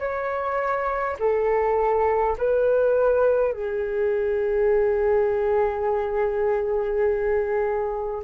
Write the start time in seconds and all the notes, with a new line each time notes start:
0.00 C#5
1.20 A4
2.39 B4
3.53 G#4